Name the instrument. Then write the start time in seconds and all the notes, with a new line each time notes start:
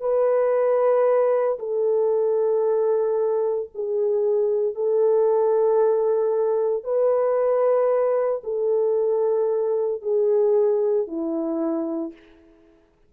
horn
0.00 B4
1.59 A4
3.74 G#4
4.75 A4
6.84 B4
8.44 A4
10.01 G#4
11.07 E4